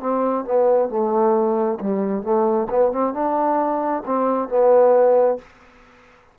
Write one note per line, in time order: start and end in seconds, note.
0.00 0.45 C4
0.45 0.89 B3
0.89 1.79 A3
1.80 2.23 G3
2.23 2.67 A3
2.69 2.92 B3
2.92 3.14 C4
3.14 4.03 D4
4.06 4.49 C4
4.49 5.38 B3